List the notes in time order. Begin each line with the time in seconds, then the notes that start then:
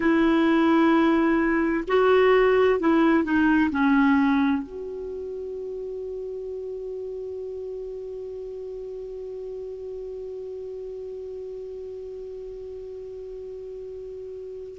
0.00 E4
1.87 F#4
2.79 E4
3.23 D#4
3.70 C#4
4.62 F#4